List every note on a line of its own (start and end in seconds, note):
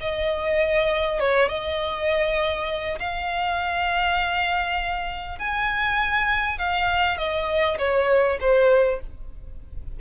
0.00 1.19 D#5
1.19 1.48 C#5
1.48 2.98 D#5
2.99 5.38 F5
5.38 6.58 G#5
6.58 7.18 F5
7.18 7.78 D#5
7.78 8.38 C#5
8.40 9.00 C5